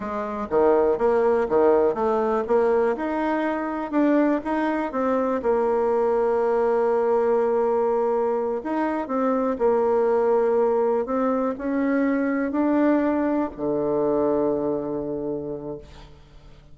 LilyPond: \new Staff \with { instrumentName = "bassoon" } { \time 4/4 \tempo 4 = 122 gis4 dis4 ais4 dis4 | a4 ais4 dis'2 | d'4 dis'4 c'4 ais4~ | ais1~ |
ais4. dis'4 c'4 ais8~ | ais2~ ais8 c'4 cis'8~ | cis'4. d'2 d8~ | d1 | }